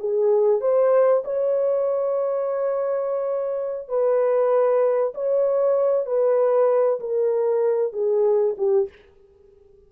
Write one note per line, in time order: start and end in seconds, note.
0.00 0.61 G#4
0.61 1.24 C5
1.25 3.89 C#5
3.89 5.14 B4
5.15 6.06 C#5
6.06 7.00 B4
7.01 7.93 A#4
7.93 8.56 G#4
8.58 8.89 G4